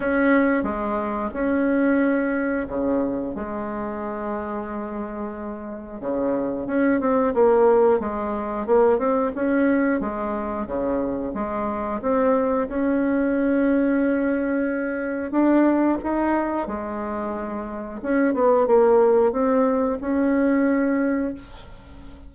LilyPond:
\new Staff \with { instrumentName = "bassoon" } { \time 4/4 \tempo 4 = 90 cis'4 gis4 cis'2 | cis4 gis2.~ | gis4 cis4 cis'8 c'8 ais4 | gis4 ais8 c'8 cis'4 gis4 |
cis4 gis4 c'4 cis'4~ | cis'2. d'4 | dis'4 gis2 cis'8 b8 | ais4 c'4 cis'2 | }